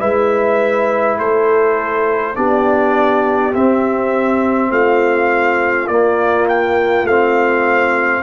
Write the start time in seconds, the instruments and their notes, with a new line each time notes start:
0.00 tuba G#3, trombone E4, horn B4, trumpet E5
1.18 tuba A3, horn A4, trumpet C5
2.36 tuba B3, trombone D4, horn G4, trumpet D5
3.54 trombone C4, tuba C4, trumpet E5
4.71 tuba A3, horn F4, trumpet F5
5.88 tuba A#3, trombone A#3, trumpet D5
6.49 trumpet G5
7.04 tuba A3, trombone C4, trumpet F5